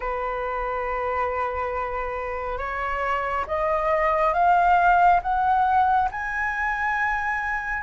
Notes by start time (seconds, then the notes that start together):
0.00 B4
2.58 C#5
3.47 D#5
4.33 F5
5.22 F#5
6.11 G#5